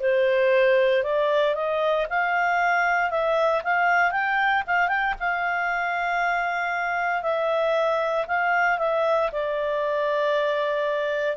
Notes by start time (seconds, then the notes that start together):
0.00 C5
1.03 D5
1.55 D#5
2.09 F5
3.10 E5
3.63 F5
4.11 G5
4.66 F5
4.88 G5
5.20 F5
7.22 E5
8.27 F5
8.78 E5
9.32 D5